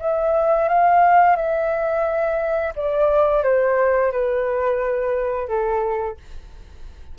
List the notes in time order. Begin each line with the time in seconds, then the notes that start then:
0.00 E5
0.69 F5
1.36 E5
2.76 D5
3.44 C5
4.12 B4
5.49 A4